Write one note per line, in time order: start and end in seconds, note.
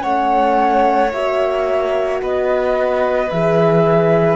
0.00 1.13 A3
0.00 1.09 C#4
0.00 2.20 C#5
0.00 1.10 F#5
1.11 2.21 A#3
1.11 3.31 F#4
1.11 2.20 E5
2.21 3.30 B3
2.21 4.36 B4
2.21 3.30 D#5
3.30 4.36 E3
3.30 4.36 G#4
3.30 4.36 E5